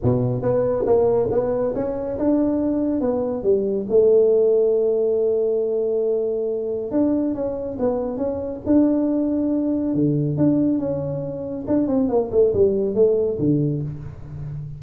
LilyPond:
\new Staff \with { instrumentName = "tuba" } { \time 4/4 \tempo 4 = 139 b,4 b4 ais4 b4 | cis'4 d'2 b4 | g4 a2.~ | a1 |
d'4 cis'4 b4 cis'4 | d'2. d4 | d'4 cis'2 d'8 c'8 | ais8 a8 g4 a4 d4 | }